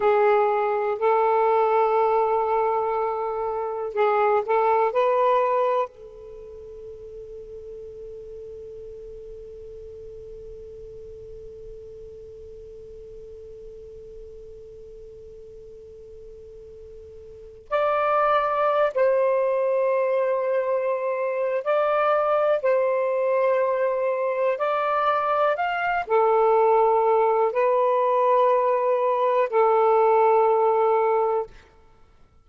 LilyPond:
\new Staff \with { instrumentName = "saxophone" } { \time 4/4 \tempo 4 = 61 gis'4 a'2. | gis'8 a'8 b'4 a'2~ | a'1~ | a'1~ |
a'2 d''4~ d''16 c''8.~ | c''2 d''4 c''4~ | c''4 d''4 f''8 a'4. | b'2 a'2 | }